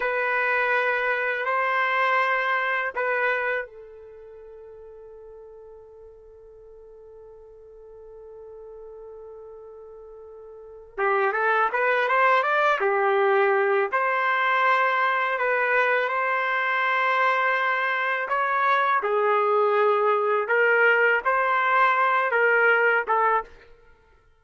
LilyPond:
\new Staff \with { instrumentName = "trumpet" } { \time 4/4 \tempo 4 = 82 b'2 c''2 | b'4 a'2.~ | a'1~ | a'2. g'8 a'8 |
b'8 c''8 d''8 g'4. c''4~ | c''4 b'4 c''2~ | c''4 cis''4 gis'2 | ais'4 c''4. ais'4 a'8 | }